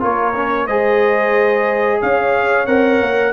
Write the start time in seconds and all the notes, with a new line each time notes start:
0.00 A#3 F4 A#4 C#5
0.36 C#4
0.66 G#3 G#4 C5 D#5
2.01 C#4 C#5 F5
2.67 C4 A#4 F#5
3.01 A#3